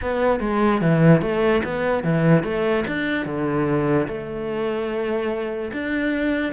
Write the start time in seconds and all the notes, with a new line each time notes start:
0.01 B3
0.40 G#3
0.81 E3
1.21 A3
1.63 B3
2.03 E3
2.43 A3
2.87 D4
3.25 D3
4.07 A3
5.72 D4